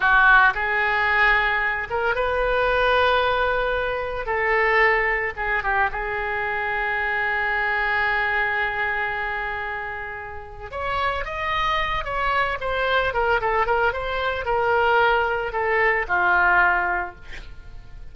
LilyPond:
\new Staff \with { instrumentName = "oboe" } { \time 4/4 \tempo 4 = 112 fis'4 gis'2~ gis'8 ais'8 | b'1 | a'2 gis'8 g'8 gis'4~ | gis'1~ |
gis'1 | cis''4 dis''4. cis''4 c''8~ | c''8 ais'8 a'8 ais'8 c''4 ais'4~ | ais'4 a'4 f'2 | }